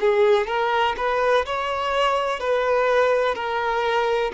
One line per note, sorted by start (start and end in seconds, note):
0.00 0.47 G#4
0.47 0.95 A#4
0.97 1.45 B4
1.45 2.39 C#5
2.39 3.34 B4
3.34 4.31 A#4